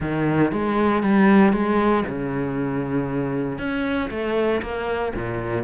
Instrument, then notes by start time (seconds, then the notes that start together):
cello
0.00 D#3
0.52 G#3
1.03 G3
1.52 G#3
2.08 C#3
3.58 C#4
4.10 A3
4.62 A#3
5.15 A#2